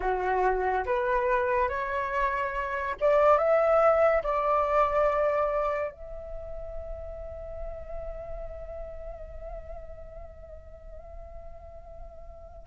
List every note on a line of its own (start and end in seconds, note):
0.00 0.85 F#4
0.85 1.68 B4
1.68 2.95 C#5
3.00 3.38 D5
3.38 4.22 E5
4.23 5.91 D5
5.91 12.66 E5